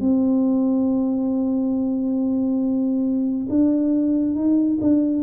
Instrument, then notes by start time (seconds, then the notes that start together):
tuba
0.00 C4
3.49 D4
4.35 D#4
4.81 D4